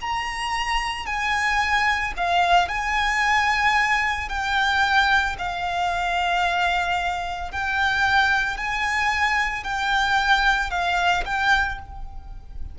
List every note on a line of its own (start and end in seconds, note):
0.00 1.06 A#5
1.06 2.13 G#5
2.16 2.68 F5
2.68 4.29 G#5
4.29 5.36 G5
5.38 7.51 F5
7.51 8.57 G5
8.57 9.63 G#5
9.63 10.70 G5
10.70 11.24 F5
11.25 11.79 G5